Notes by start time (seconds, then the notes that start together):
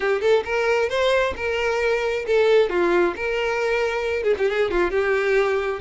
0.00 G4
0.21 A4
0.45 A#4
0.89 C5
1.36 A#4
2.26 A4
2.69 F4
3.16 A#4
4.23 G#4
4.38 G4
4.48 G#4
4.70 F4
4.90 G4